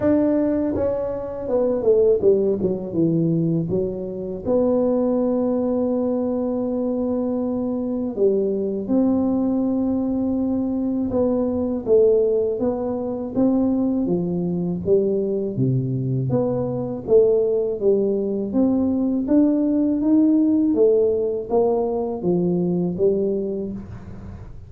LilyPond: \new Staff \with { instrumentName = "tuba" } { \time 4/4 \tempo 4 = 81 d'4 cis'4 b8 a8 g8 fis8 | e4 fis4 b2~ | b2. g4 | c'2. b4 |
a4 b4 c'4 f4 | g4 c4 b4 a4 | g4 c'4 d'4 dis'4 | a4 ais4 f4 g4 | }